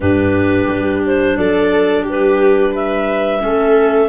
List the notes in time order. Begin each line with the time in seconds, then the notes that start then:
0.00 G2 D4 G4 B4
0.67 G3
1.06 C5
1.37 F#3 A4 D5
2.02 G3 G4
2.09 B4
2.71 B4 E5
3.40 A3 C#4 A4